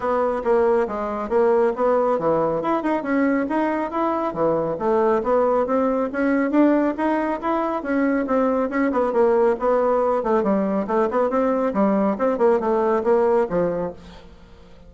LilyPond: \new Staff \with { instrumentName = "bassoon" } { \time 4/4 \tempo 4 = 138 b4 ais4 gis4 ais4 | b4 e4 e'8 dis'8 cis'4 | dis'4 e'4 e4 a4 | b4 c'4 cis'4 d'4 |
dis'4 e'4 cis'4 c'4 | cis'8 b8 ais4 b4. a8 | g4 a8 b8 c'4 g4 | c'8 ais8 a4 ais4 f4 | }